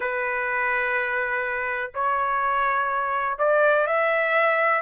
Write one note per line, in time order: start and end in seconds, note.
0.00 1.92 B4
1.94 3.38 C#5
3.38 3.86 D5
3.86 4.81 E5